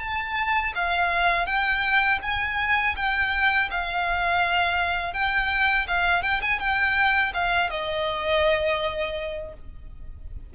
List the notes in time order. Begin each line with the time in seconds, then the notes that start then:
0.00 A5
0.75 F5
1.46 G5
2.23 G#5
2.97 G5
3.71 F5
5.14 G5
5.88 F5
6.23 G5
6.42 G#5
6.60 G5
7.34 F5
7.71 D#5